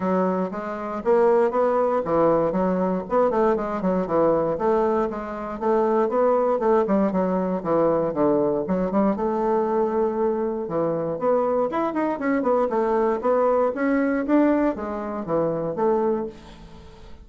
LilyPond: \new Staff \with { instrumentName = "bassoon" } { \time 4/4 \tempo 4 = 118 fis4 gis4 ais4 b4 | e4 fis4 b8 a8 gis8 fis8 | e4 a4 gis4 a4 | b4 a8 g8 fis4 e4 |
d4 fis8 g8 a2~ | a4 e4 b4 e'8 dis'8 | cis'8 b8 a4 b4 cis'4 | d'4 gis4 e4 a4 | }